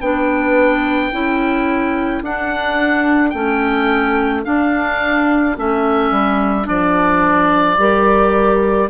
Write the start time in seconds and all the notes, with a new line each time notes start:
0.00 B3 D4 B4 G5
1.10 C#4 E4 A4
2.22 D4 F#5
3.30 A3 C#4 G5
4.45 D4 F5
5.56 A3 C#4 E5
6.11 G3
6.64 F3 D4 D5
7.78 G3 G4 A#4